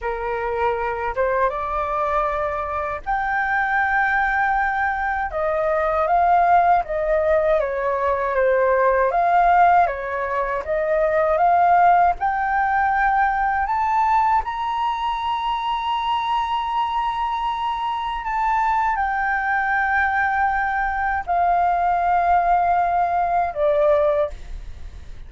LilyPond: \new Staff \with { instrumentName = "flute" } { \time 4/4 \tempo 4 = 79 ais'4. c''8 d''2 | g''2. dis''4 | f''4 dis''4 cis''4 c''4 | f''4 cis''4 dis''4 f''4 |
g''2 a''4 ais''4~ | ais''1 | a''4 g''2. | f''2. d''4 | }